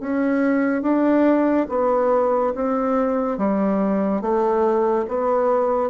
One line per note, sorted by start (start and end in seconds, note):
0.00 0.82 C#4
0.82 1.67 D4
1.69 2.54 B3
2.55 3.38 C4
3.38 4.21 G3
4.21 5.06 A3
5.08 5.90 B3